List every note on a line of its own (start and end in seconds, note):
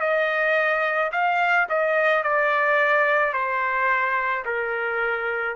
0.00 1.11 D#5
1.12 1.68 F5
1.69 2.23 D#5
2.23 3.33 D5
3.33 4.44 C5
4.45 5.56 A#4